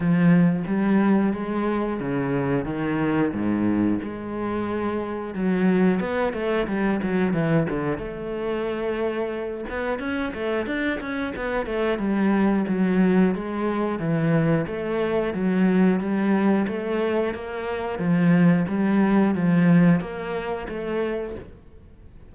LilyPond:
\new Staff \with { instrumentName = "cello" } { \time 4/4 \tempo 4 = 90 f4 g4 gis4 cis4 | dis4 gis,4 gis2 | fis4 b8 a8 g8 fis8 e8 d8 | a2~ a8 b8 cis'8 a8 |
d'8 cis'8 b8 a8 g4 fis4 | gis4 e4 a4 fis4 | g4 a4 ais4 f4 | g4 f4 ais4 a4 | }